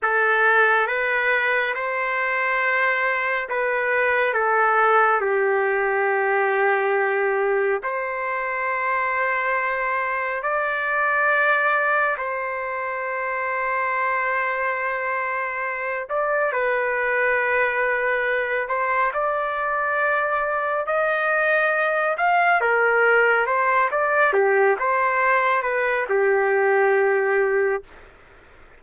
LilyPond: \new Staff \with { instrumentName = "trumpet" } { \time 4/4 \tempo 4 = 69 a'4 b'4 c''2 | b'4 a'4 g'2~ | g'4 c''2. | d''2 c''2~ |
c''2~ c''8 d''8 b'4~ | b'4. c''8 d''2 | dis''4. f''8 ais'4 c''8 d''8 | g'8 c''4 b'8 g'2 | }